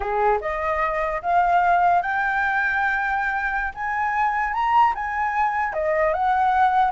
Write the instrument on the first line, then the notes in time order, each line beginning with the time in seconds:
flute
0.00 G#4
0.40 D#5
1.22 F5
2.02 G5
3.74 G#5
4.53 A#5
4.94 G#5
5.73 D#5
6.13 F#5